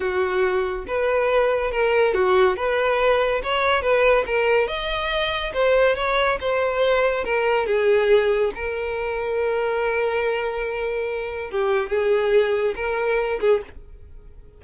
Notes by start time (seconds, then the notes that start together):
0.00 F#4
0.87 B4
1.71 A#4
2.14 F#4
2.56 B4
3.43 C#5
3.82 B4
4.26 A#4
4.67 D#5
5.53 C5
5.95 C#5
6.40 C5
7.24 A#4
7.66 G#4
8.55 A#4
11.50 G4
11.89 G#4
12.75 A#4
13.40 G#4